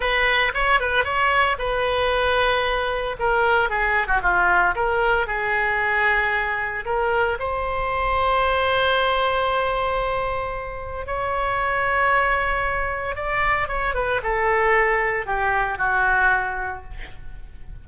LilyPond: \new Staff \with { instrumentName = "oboe" } { \time 4/4 \tempo 4 = 114 b'4 cis''8 b'8 cis''4 b'4~ | b'2 ais'4 gis'8. fis'16 | f'4 ais'4 gis'2~ | gis'4 ais'4 c''2~ |
c''1~ | c''4 cis''2.~ | cis''4 d''4 cis''8 b'8 a'4~ | a'4 g'4 fis'2 | }